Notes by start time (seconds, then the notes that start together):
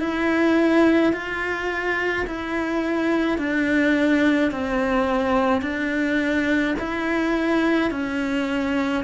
0.00 E4
1.13 F4
2.27 E4
3.39 D4
4.52 C4
5.62 D4
6.80 E4
7.91 C#4